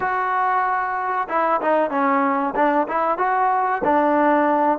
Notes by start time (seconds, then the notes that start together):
0.00 F#4
1.28 E4
1.61 D#4
1.90 C#4
2.55 D4
2.88 E4
3.18 F#4
3.84 D4